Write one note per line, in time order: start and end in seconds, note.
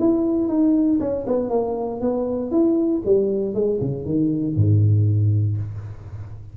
0.00 0.49 E4
0.49 0.99 D#4
1.00 1.26 C#4
1.27 1.50 B3
1.50 2.01 A#3
2.01 2.52 B3
2.52 3.03 E4
3.06 3.55 G3
3.55 3.80 G#3
3.81 4.06 C#3
4.06 4.56 D#3
4.56 5.58 G#2